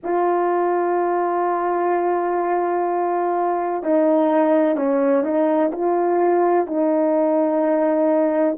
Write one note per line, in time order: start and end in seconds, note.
0.03 3.83 F4
3.83 4.76 D#4
4.76 5.23 C#4
5.23 5.71 D#4
5.71 6.66 F4
6.66 8.57 D#4